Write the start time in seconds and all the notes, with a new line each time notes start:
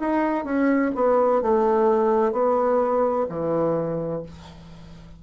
0.00 D#4
0.45 C#4
0.95 B3
1.42 A3
2.33 B3
3.29 E3